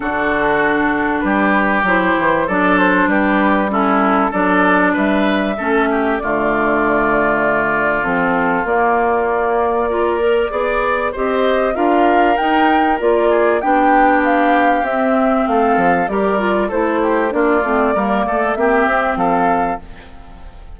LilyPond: <<
  \new Staff \with { instrumentName = "flute" } { \time 4/4 \tempo 4 = 97 a'2 b'4 c''4 | d''8 c''8 b'4 a'4 d''4 | e''2 d''2~ | d''4 a'4 d''2~ |
d''2 dis''4 f''4 | g''4 d''4 g''4 f''4 | e''4 f''4 d''4 c''4 | d''2 e''4 f''4 | }
  \new Staff \with { instrumentName = "oboe" } { \time 4/4 fis'2 g'2 | a'4 g'4 e'4 a'4 | b'4 a'8 g'8 f'2~ | f'1 |
ais'4 d''4 c''4 ais'4~ | ais'4. gis'8 g'2~ | g'4 a'4 ais'4 a'8 g'8 | f'4 ais'8 a'8 g'4 a'4 | }
  \new Staff \with { instrumentName = "clarinet" } { \time 4/4 d'2. e'4 | d'2 cis'4 d'4~ | d'4 cis'4 a2~ | a4 c'4 ais2 |
f'8 ais'8 gis'4 g'4 f'4 | dis'4 f'4 d'2 | c'2 g'8 f'8 e'4 | d'8 c'8 ais4 c'2 | }
  \new Staff \with { instrumentName = "bassoon" } { \time 4/4 d2 g4 fis8 e8 | fis4 g2 fis4 | g4 a4 d2~ | d4 f4 ais2~ |
ais4 b4 c'4 d'4 | dis'4 ais4 b2 | c'4 a8 f8 g4 a4 | ais8 a8 g8 a8 ais8 c'8 f4 | }
>>